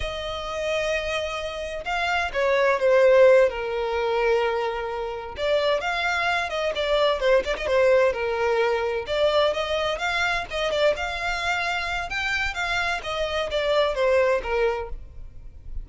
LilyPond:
\new Staff \with { instrumentName = "violin" } { \time 4/4 \tempo 4 = 129 dis''1 | f''4 cis''4 c''4. ais'8~ | ais'2.~ ais'8 d''8~ | d''8 f''4. dis''8 d''4 c''8 |
d''16 dis''16 c''4 ais'2 d''8~ | d''8 dis''4 f''4 dis''8 d''8 f''8~ | f''2 g''4 f''4 | dis''4 d''4 c''4 ais'4 | }